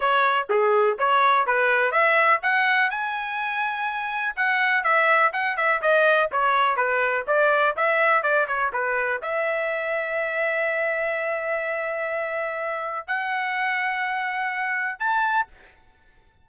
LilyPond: \new Staff \with { instrumentName = "trumpet" } { \time 4/4 \tempo 4 = 124 cis''4 gis'4 cis''4 b'4 | e''4 fis''4 gis''2~ | gis''4 fis''4 e''4 fis''8 e''8 | dis''4 cis''4 b'4 d''4 |
e''4 d''8 cis''8 b'4 e''4~ | e''1~ | e''2. fis''4~ | fis''2. a''4 | }